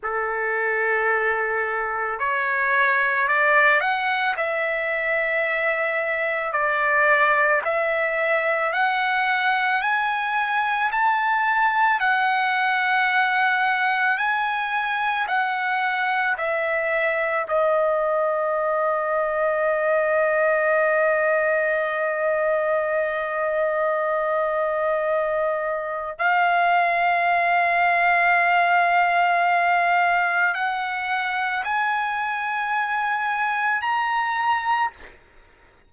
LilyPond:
\new Staff \with { instrumentName = "trumpet" } { \time 4/4 \tempo 4 = 55 a'2 cis''4 d''8 fis''8 | e''2 d''4 e''4 | fis''4 gis''4 a''4 fis''4~ | fis''4 gis''4 fis''4 e''4 |
dis''1~ | dis''1 | f''1 | fis''4 gis''2 ais''4 | }